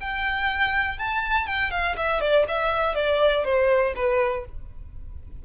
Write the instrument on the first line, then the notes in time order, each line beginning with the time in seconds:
violin
0.00 G5
0.98 A5
1.47 G5
1.70 F5
1.97 E5
2.21 D5
2.48 E5
2.94 D5
3.44 C5
3.95 B4